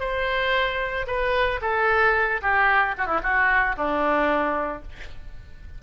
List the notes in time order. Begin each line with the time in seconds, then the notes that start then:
0.00 C5
1.07 B4
1.61 A4
2.42 G4
2.98 F#4
3.07 E4
3.23 F#4
3.77 D4